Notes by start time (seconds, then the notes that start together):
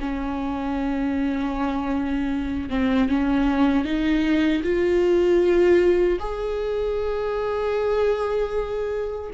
0.00 C#4
2.70 C4
3.09 C#4
3.85 D#4
4.63 F4
6.19 G#4